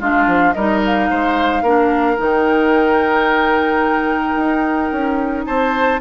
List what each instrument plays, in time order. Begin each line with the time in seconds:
0.00 bassoon G#3, clarinet D4, oboe F4, flute F5
0.27 bassoon F3
0.53 bassoon G3, clarinet D#4, oboe A#4, flute D#5
0.86 flute F5
1.10 bassoon G#3, oboe C5
1.63 bassoon A#3, clarinet D4, oboe A#4
2.17 bassoon D#3, clarinet D#4, flute G5
4.36 bassoon D#4
4.92 bassoon C#4
5.46 bassoon C4, oboe C5, flute A5